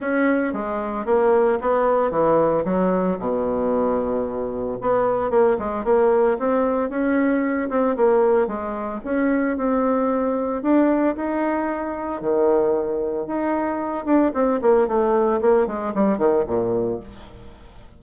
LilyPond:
\new Staff \with { instrumentName = "bassoon" } { \time 4/4 \tempo 4 = 113 cis'4 gis4 ais4 b4 | e4 fis4 b,2~ | b,4 b4 ais8 gis8 ais4 | c'4 cis'4. c'8 ais4 |
gis4 cis'4 c'2 | d'4 dis'2 dis4~ | dis4 dis'4. d'8 c'8 ais8 | a4 ais8 gis8 g8 dis8 ais,4 | }